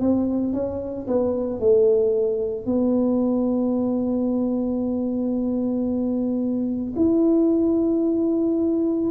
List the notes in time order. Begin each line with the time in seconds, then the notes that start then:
0.00 C4
0.53 C#4
1.07 B3
1.60 A3
2.65 B3
6.96 E4